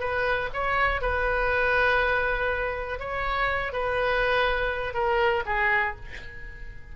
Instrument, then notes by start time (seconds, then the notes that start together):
oboe
0.00 B4
0.54 C#5
1.01 B4
3.00 C#5
3.73 B4
4.94 A#4
5.46 G#4